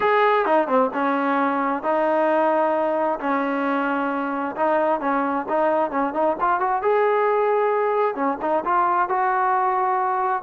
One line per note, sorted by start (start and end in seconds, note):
0.00 0.45 G#4
0.45 0.67 D#4
0.67 0.90 C4
0.93 1.82 C#4
1.82 3.19 D#4
3.19 4.55 C#4
4.56 5.00 D#4
5.00 5.46 C#4
5.48 5.90 D#4
5.90 6.13 C#4
6.13 6.36 D#4
6.40 6.60 F4
6.60 6.82 F#4
6.82 8.15 G#4
8.15 8.37 C#4
8.41 8.64 D#4
8.64 9.08 F4
9.08 10.43 F#4